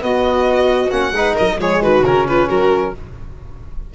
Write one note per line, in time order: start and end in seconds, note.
0.00 0.90 B3
0.00 0.92 B3
0.00 1.14 F#4
0.00 0.90 D#5
0.90 1.12 A#3
0.90 1.13 C#4
0.90 1.35 F#5
1.12 1.34 G#3
1.12 1.58 D#4
1.12 1.34 B4
1.34 1.58 F#3
1.34 1.56 A#4
1.34 1.60 D#5
1.58 1.80 F3
1.58 2.03 G#3
1.58 1.82 G#4
1.58 1.82 C#5
1.80 2.02 D#3
1.80 2.26 F#4
1.80 2.04 B4
2.02 2.47 C#3
2.02 2.94 C#4
2.02 2.27 A#4
2.27 2.48 F4
2.27 2.49 B4
2.48 2.94 F#3
2.48 2.93 F#4
2.48 2.93 A#4